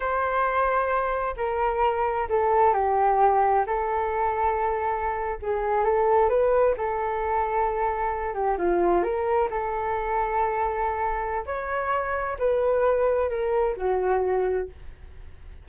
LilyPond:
\new Staff \with { instrumentName = "flute" } { \time 4/4 \tempo 4 = 131 c''2. ais'4~ | ais'4 a'4 g'2 | a'2.~ a'8. gis'16~ | gis'8. a'4 b'4 a'4~ a'16~ |
a'2~ a'16 g'8 f'4 ais'16~ | ais'8. a'2.~ a'16~ | a'4 cis''2 b'4~ | b'4 ais'4 fis'2 | }